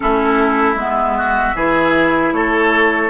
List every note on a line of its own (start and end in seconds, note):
0.00 0.75 A3
0.00 0.77 C#4
0.00 1.17 E4
0.00 0.77 A4
0.75 1.53 G#3
0.75 1.56 B3
0.75 2.33 E5
1.17 1.55 F#4
1.55 2.32 E3
1.55 3.09 E4
1.55 2.33 G#4
2.32 3.09 A3
2.32 3.09 A4
2.32 3.09 C#5